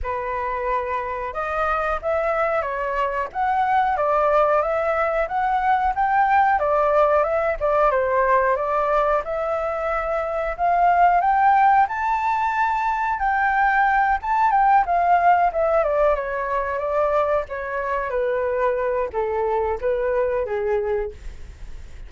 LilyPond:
\new Staff \with { instrumentName = "flute" } { \time 4/4 \tempo 4 = 91 b'2 dis''4 e''4 | cis''4 fis''4 d''4 e''4 | fis''4 g''4 d''4 e''8 d''8 | c''4 d''4 e''2 |
f''4 g''4 a''2 | g''4. a''8 g''8 f''4 e''8 | d''8 cis''4 d''4 cis''4 b'8~ | b'4 a'4 b'4 gis'4 | }